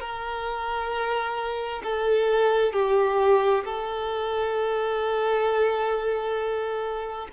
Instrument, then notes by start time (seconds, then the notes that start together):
violin
0.00 A#4
1.83 A4
2.73 G4
3.64 A4